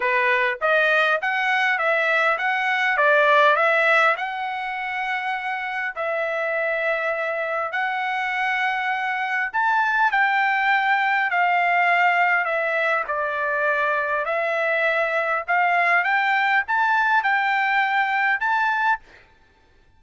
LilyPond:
\new Staff \with { instrumentName = "trumpet" } { \time 4/4 \tempo 4 = 101 b'4 dis''4 fis''4 e''4 | fis''4 d''4 e''4 fis''4~ | fis''2 e''2~ | e''4 fis''2. |
a''4 g''2 f''4~ | f''4 e''4 d''2 | e''2 f''4 g''4 | a''4 g''2 a''4 | }